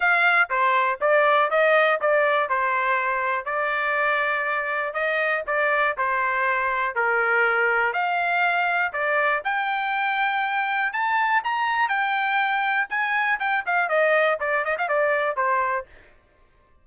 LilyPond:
\new Staff \with { instrumentName = "trumpet" } { \time 4/4 \tempo 4 = 121 f''4 c''4 d''4 dis''4 | d''4 c''2 d''4~ | d''2 dis''4 d''4 | c''2 ais'2 |
f''2 d''4 g''4~ | g''2 a''4 ais''4 | g''2 gis''4 g''8 f''8 | dis''4 d''8 dis''16 f''16 d''4 c''4 | }